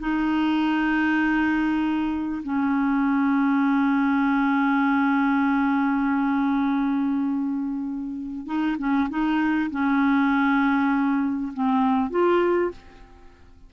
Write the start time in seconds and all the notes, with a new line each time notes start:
0.00 D#4
2.43 C#4
8.46 D#4
8.78 C#4
9.09 D#4
9.71 C#4
11.53 C4
12.10 F4